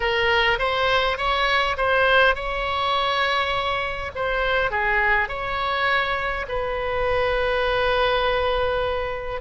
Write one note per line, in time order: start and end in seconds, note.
0.00 0.59 A#4
0.59 1.17 C5
1.17 1.76 C#5
1.77 2.35 C5
2.35 4.11 C#5
4.15 4.71 C5
4.71 5.28 G#4
5.28 6.46 C#5
6.48 9.41 B4